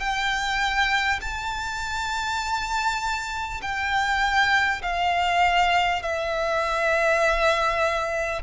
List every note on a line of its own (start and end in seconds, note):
0.00 1.20 G5
1.22 3.62 A5
3.62 4.82 G5
4.83 6.03 F5
6.03 8.43 E5